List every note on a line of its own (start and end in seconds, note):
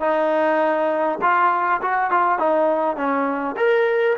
0.00 1.19 D#4
1.22 1.81 F4
1.81 2.11 F#4
2.11 2.39 F4
2.39 2.96 D#4
2.96 3.56 C#4
3.57 4.16 A#4